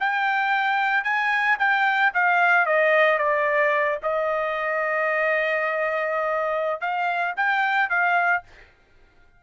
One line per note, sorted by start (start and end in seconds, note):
0.00 1.04 G5
1.04 1.57 G#5
1.59 2.12 G5
2.14 2.66 F5
2.66 3.18 D#5
3.18 3.98 D5
4.03 6.81 D#5
6.81 7.34 F5
7.36 7.90 G5
7.90 8.43 F5